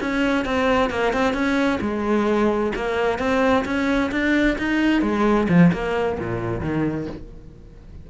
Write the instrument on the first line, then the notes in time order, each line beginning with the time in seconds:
cello
0.00 C#4
0.45 C4
0.90 A#3
1.13 C4
1.33 C#4
1.81 G#3
2.75 A#3
3.19 C4
3.65 C#4
4.11 D4
4.58 D#4
5.02 G#3
5.48 F3
5.73 A#3
6.19 A#2
6.61 D#3